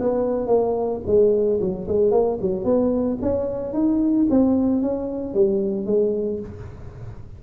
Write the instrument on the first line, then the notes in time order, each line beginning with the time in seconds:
tuba
0.00 B3
0.47 A#3
1.06 G#3
1.60 F#3
1.88 G#3
2.11 A#3
2.41 F#3
2.64 B3
3.21 C#4
3.73 D#4
4.30 C4
4.82 C#4
5.34 G3
5.86 G#3